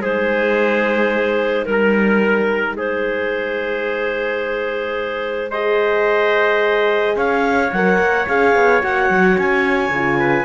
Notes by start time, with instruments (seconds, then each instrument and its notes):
0.00 cello G#3, horn D#4, trumpet G#4, clarinet C5
1.65 cello G3, clarinet A#4, trumpet A#4
2.76 cello G#3, trumpet G#4, clarinet C5
5.51 horn G#4, trumpet C5, clarinet D#5
7.16 cello C#4, trumpet C#5, clarinet F5
7.72 cello F#3, horn A#4, clarinet F#5
7.98 cello A#3
8.28 cello C#4, horn G#4, clarinet F5
8.55 cello B3
8.81 cello A#3, horn F#4, clarinet F#5
9.09 cello F#3
9.37 cello C#4, clarinet G#5
9.89 cello C#3, horn F4
10.19 trumpet B4